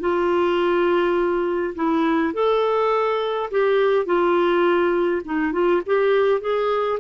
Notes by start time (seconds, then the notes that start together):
0.00 F4
1.75 E4
2.34 A4
3.51 G4
4.06 F4
5.25 D#4
5.53 F4
5.86 G4
6.41 G#4